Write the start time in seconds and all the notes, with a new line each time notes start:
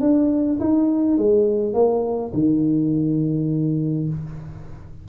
0.00 D4
0.60 D#4
1.17 G#3
1.73 A#3
2.33 D#3